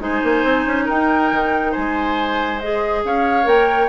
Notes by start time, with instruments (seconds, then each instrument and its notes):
0.00 bassoon G#3, clarinet D#4, oboe C5, flute G#5
0.24 bassoon A#3
0.45 bassoon C4
0.67 bassoon C#4
0.85 bassoon D#4, oboe A#4, flute G5
1.32 bassoon D#3
1.72 bassoon G#3, oboe C5, flute G#5
2.60 clarinet G#4, flute D#5
3.05 bassoon C#4, oboe C#5, flute F5
3.44 bassoon A#3, clarinet A#4, flute G5